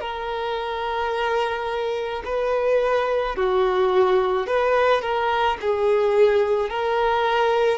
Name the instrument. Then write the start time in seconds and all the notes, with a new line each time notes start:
violin
0.00 A#4
2.24 B4
3.35 F#4
4.46 B4
5.01 A#4
5.60 G#4
6.69 A#4